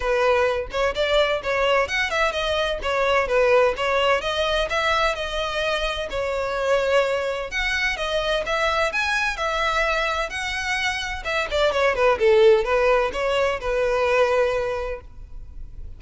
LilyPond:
\new Staff \with { instrumentName = "violin" } { \time 4/4 \tempo 4 = 128 b'4. cis''8 d''4 cis''4 | fis''8 e''8 dis''4 cis''4 b'4 | cis''4 dis''4 e''4 dis''4~ | dis''4 cis''2. |
fis''4 dis''4 e''4 gis''4 | e''2 fis''2 | e''8 d''8 cis''8 b'8 a'4 b'4 | cis''4 b'2. | }